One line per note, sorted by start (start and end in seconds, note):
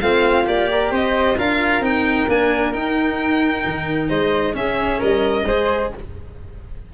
0.00 0.46 A3
0.00 0.45 C4
0.00 0.69 F4
0.00 0.45 F5
0.45 0.91 A#3
0.45 1.35 G4
0.45 0.93 D5
0.71 0.91 A#4
0.91 1.36 C4
0.91 1.37 C5
0.91 1.39 D#5
1.37 1.80 D4
1.37 1.82 F4
1.37 4.08 A#4
1.37 1.84 F5
1.80 2.26 C4
1.80 2.27 D#4
1.80 2.29 G5
2.28 2.73 A#3
2.28 2.73 D4
2.28 2.73 G#5
2.73 4.53 D#4
2.73 3.64 D#4
2.73 4.09 G5
3.65 4.10 D#3
4.08 4.55 G#3
4.08 4.54 C5
4.08 4.54 D#5
4.53 5.44 C#4
4.53 5.00 C#4
4.53 4.98 G#4
4.53 5.01 E5
4.98 5.44 G3
4.98 5.44 A#4
4.98 5.93 D#5
5.44 5.89 G#3
5.44 5.94 G#4
5.44 5.92 C5